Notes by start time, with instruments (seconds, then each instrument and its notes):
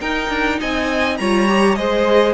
0.00 cello D#4, viola D#4, violin A#4 G5
0.29 cello D4
0.60 cello C4, violin D#5 G#5
1.17 cello G3, viola F4, violin C#5 A#5
1.48 viola G4
1.75 cello G#3, viola G#4, violin C5 D#5